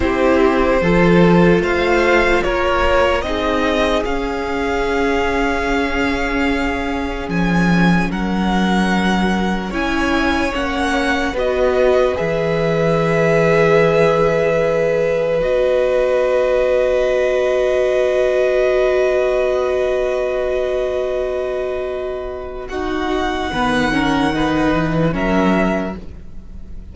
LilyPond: <<
  \new Staff \with { instrumentName = "violin" } { \time 4/4 \tempo 4 = 74 c''2 f''4 cis''4 | dis''4 f''2.~ | f''4 gis''4 fis''2 | gis''4 fis''4 dis''4 e''4~ |
e''2. dis''4~ | dis''1~ | dis''1 | fis''2. e''4 | }
  \new Staff \with { instrumentName = "violin" } { \time 4/4 g'4 a'4 c''4 ais'4 | gis'1~ | gis'2 ais'2 | cis''2 b'2~ |
b'1~ | b'1~ | b'1 | fis'4 b'8 ais'8 b'4 ais'4 | }
  \new Staff \with { instrumentName = "viola" } { \time 4/4 e'4 f'2. | dis'4 cis'2.~ | cis'1 | e'4 cis'4 fis'4 gis'4~ |
gis'2. fis'4~ | fis'1~ | fis'1 | dis'4 b8 cis'8 dis'4 cis'4 | }
  \new Staff \with { instrumentName = "cello" } { \time 4/4 c'4 f4 a4 ais4 | c'4 cis'2.~ | cis'4 f4 fis2 | cis'4 ais4 b4 e4~ |
e2. b4~ | b1~ | b1~ | b4 dis4. e8 fis4 | }
>>